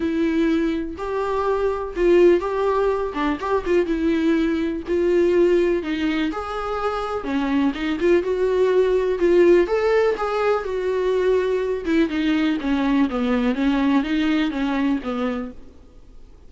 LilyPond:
\new Staff \with { instrumentName = "viola" } { \time 4/4 \tempo 4 = 124 e'2 g'2 | f'4 g'4. d'8 g'8 f'8 | e'2 f'2 | dis'4 gis'2 cis'4 |
dis'8 f'8 fis'2 f'4 | a'4 gis'4 fis'2~ | fis'8 e'8 dis'4 cis'4 b4 | cis'4 dis'4 cis'4 b4 | }